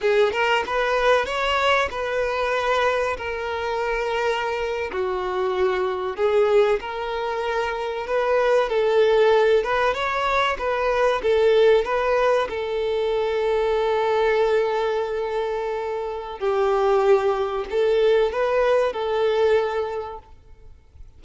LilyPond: \new Staff \with { instrumentName = "violin" } { \time 4/4 \tempo 4 = 95 gis'8 ais'8 b'4 cis''4 b'4~ | b'4 ais'2~ ais'8. fis'16~ | fis'4.~ fis'16 gis'4 ais'4~ ais'16~ | ais'8. b'4 a'4. b'8 cis''16~ |
cis''8. b'4 a'4 b'4 a'16~ | a'1~ | a'2 g'2 | a'4 b'4 a'2 | }